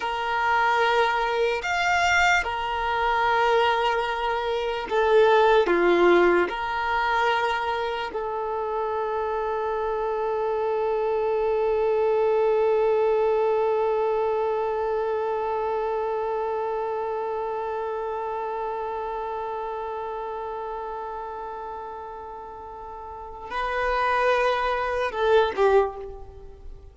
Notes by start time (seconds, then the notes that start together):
0.00 A#4
1.62 F5
2.43 A#4
4.89 A4
5.66 F4
6.48 A#4
8.13 A4
23.50 B4
25.11 A4
25.56 G4